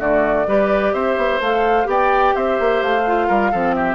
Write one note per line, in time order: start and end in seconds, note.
0.00 0.47 D3
0.00 0.47 A3
0.00 0.47 F#4
0.00 0.94 D5
0.47 0.94 G3
0.47 1.41 G4
0.47 0.94 B4
0.94 1.17 C4
0.94 1.88 C5
0.94 1.41 E5
1.17 1.40 B3
1.40 1.87 A3
1.40 1.85 A4
1.40 1.89 F5
1.85 2.34 B3
1.85 3.02 G4
1.85 2.36 D5
1.85 2.36 G5
2.36 2.59 C4
2.36 3.28 C5
2.36 2.83 E5
2.60 2.83 A#3
2.83 3.30 A3
2.83 3.75 F5
3.07 3.54 F4
3.28 3.53 G3
3.28 3.51 A#4
3.52 3.95 F3
3.52 3.95 C4
3.52 3.75 A4
3.75 3.95 G4
3.75 3.95 E5